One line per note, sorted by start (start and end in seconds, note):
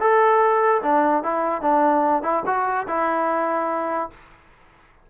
0.00 0.82 A4
0.82 1.23 D4
1.23 1.61 E4
1.61 2.22 D4
2.22 2.43 E4
2.46 2.87 F#4
2.87 4.10 E4